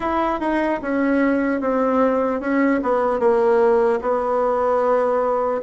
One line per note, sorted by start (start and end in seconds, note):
0.00 0.40 E4
0.40 0.80 D#4
0.81 1.60 C#4
1.60 2.40 C4
2.40 2.80 C#4
2.82 3.19 B3
3.19 3.99 A#3
4.01 5.61 B3